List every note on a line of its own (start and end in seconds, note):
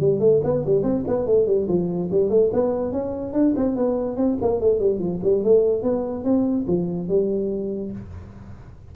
0.00 0.20 G3
0.20 0.41 A3
0.44 0.65 B3
0.66 0.83 G3
0.83 1.04 C4
1.07 1.26 B3
1.26 1.47 A3
1.47 1.68 G3
1.68 2.09 F3
2.11 2.30 G3
2.30 2.51 A3
2.53 2.92 B3
2.92 3.33 C#4
3.33 3.54 D4
3.56 3.76 C4
3.76 4.17 B3
4.17 4.37 C4
4.41 4.61 A#3
4.61 4.79 A3
4.79 4.99 G3
4.99 5.20 F3
5.23 5.44 G3
5.44 5.83 A3
5.83 6.24 B3
6.24 6.66 C4
6.68 7.09 F3
7.09 7.92 G3